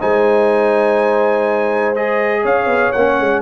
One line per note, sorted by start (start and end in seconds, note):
0.00 2.44 G#3
0.00 1.95 D#4
0.00 2.42 C5
0.00 1.96 G#5
1.96 2.94 G#4
1.96 2.44 D#5
2.42 2.66 C#4
2.42 3.40 C#5
2.42 2.92 F5
2.66 2.91 B3
2.92 3.19 A#3
2.92 3.42 C#4
2.92 3.41 F#5
3.20 3.42 G#3